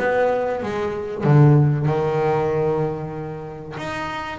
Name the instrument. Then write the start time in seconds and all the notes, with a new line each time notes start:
double bass
0.00 B3
0.63 G#3
1.24 D3
1.86 D#3
3.78 D#4